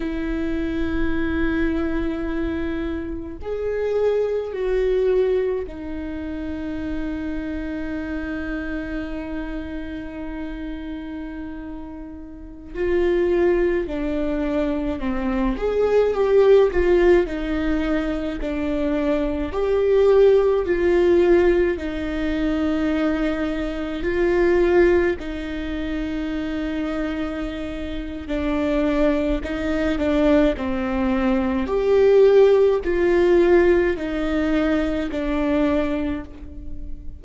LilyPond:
\new Staff \with { instrumentName = "viola" } { \time 4/4 \tempo 4 = 53 e'2. gis'4 | fis'4 dis'2.~ | dis'2.~ dis'16 f'8.~ | f'16 d'4 c'8 gis'8 g'8 f'8 dis'8.~ |
dis'16 d'4 g'4 f'4 dis'8.~ | dis'4~ dis'16 f'4 dis'4.~ dis'16~ | dis'4 d'4 dis'8 d'8 c'4 | g'4 f'4 dis'4 d'4 | }